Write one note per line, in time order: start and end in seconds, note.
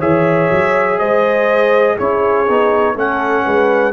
0.00 0.51 E3
0.00 1.97 G#4
0.00 0.98 C#5
0.00 0.99 E5
0.51 1.00 F#3
0.99 1.99 G#3
0.99 1.96 C5
0.99 1.97 D#5
1.96 2.49 C#4
1.96 2.47 E4
1.96 2.94 G#4
1.96 2.98 C#5
2.48 2.96 B3
2.48 2.96 D#4
2.95 3.45 A3
2.95 3.93 C#4
2.95 3.44 A4
2.95 3.93 F#5
3.45 3.93 G#3
3.45 3.93 B4